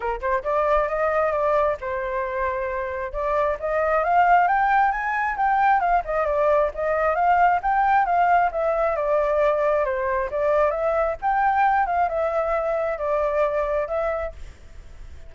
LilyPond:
\new Staff \with { instrumentName = "flute" } { \time 4/4 \tempo 4 = 134 ais'8 c''8 d''4 dis''4 d''4 | c''2. d''4 | dis''4 f''4 g''4 gis''4 | g''4 f''8 dis''8 d''4 dis''4 |
f''4 g''4 f''4 e''4 | d''2 c''4 d''4 | e''4 g''4. f''8 e''4~ | e''4 d''2 e''4 | }